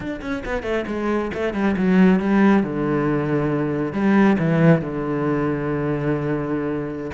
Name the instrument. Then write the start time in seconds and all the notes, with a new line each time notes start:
cello
0.00 D4
0.21 C#4
0.45 B3
0.63 A3
0.87 G#3
1.34 A3
1.53 G3
1.77 F#3
2.19 G3
2.63 D3
3.92 G3
4.38 E3
4.81 D3